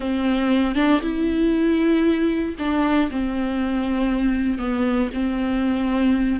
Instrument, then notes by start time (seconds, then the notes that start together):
viola
0.00 C4
0.75 D4
1.01 E4
2.58 D4
3.10 C4
4.58 B3
5.13 C4